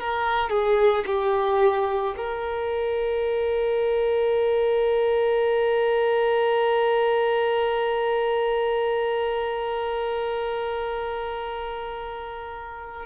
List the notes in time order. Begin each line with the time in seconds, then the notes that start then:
0.00 A#4
0.50 G#4
1.06 G4
2.17 A#4